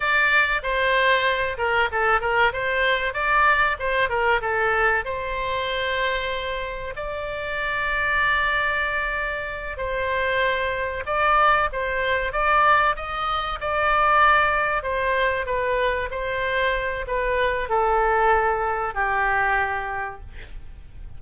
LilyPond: \new Staff \with { instrumentName = "oboe" } { \time 4/4 \tempo 4 = 95 d''4 c''4. ais'8 a'8 ais'8 | c''4 d''4 c''8 ais'8 a'4 | c''2. d''4~ | d''2.~ d''8 c''8~ |
c''4. d''4 c''4 d''8~ | d''8 dis''4 d''2 c''8~ | c''8 b'4 c''4. b'4 | a'2 g'2 | }